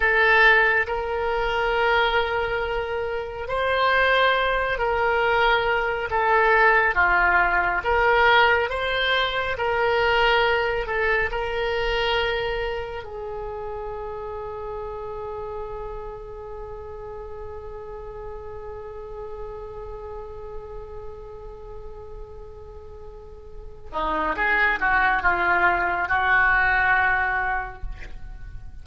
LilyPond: \new Staff \with { instrumentName = "oboe" } { \time 4/4 \tempo 4 = 69 a'4 ais'2. | c''4. ais'4. a'4 | f'4 ais'4 c''4 ais'4~ | ais'8 a'8 ais'2 gis'4~ |
gis'1~ | gis'1~ | gis'2.~ gis'8 dis'8 | gis'8 fis'8 f'4 fis'2 | }